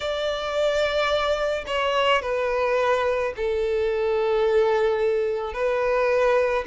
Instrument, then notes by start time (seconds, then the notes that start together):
violin
0.00 D5
1.66 C#5
2.22 B4
3.36 A4
5.53 B4